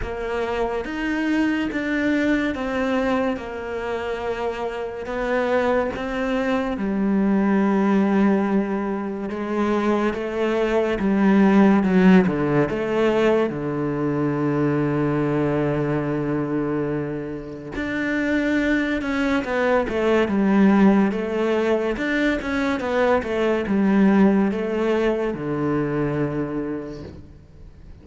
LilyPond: \new Staff \with { instrumentName = "cello" } { \time 4/4 \tempo 4 = 71 ais4 dis'4 d'4 c'4 | ais2 b4 c'4 | g2. gis4 | a4 g4 fis8 d8 a4 |
d1~ | d4 d'4. cis'8 b8 a8 | g4 a4 d'8 cis'8 b8 a8 | g4 a4 d2 | }